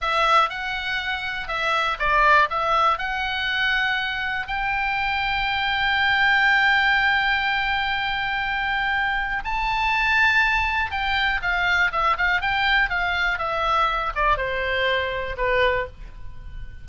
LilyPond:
\new Staff \with { instrumentName = "oboe" } { \time 4/4 \tempo 4 = 121 e''4 fis''2 e''4 | d''4 e''4 fis''2~ | fis''4 g''2.~ | g''1~ |
g''2. a''4~ | a''2 g''4 f''4 | e''8 f''8 g''4 f''4 e''4~ | e''8 d''8 c''2 b'4 | }